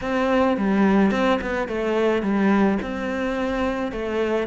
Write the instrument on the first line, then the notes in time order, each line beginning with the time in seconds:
cello
0.01 C4
0.57 G3
1.11 C4
1.41 B3
1.67 A3
2.22 G3
2.82 C4
3.92 A3